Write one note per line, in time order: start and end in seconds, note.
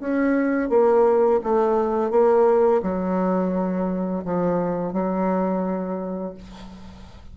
0.00 0.70 C#4
0.70 1.41 A#3
1.44 2.11 A3
2.11 2.82 A#3
2.83 4.24 F#3
4.25 4.93 F3
4.93 6.35 F#3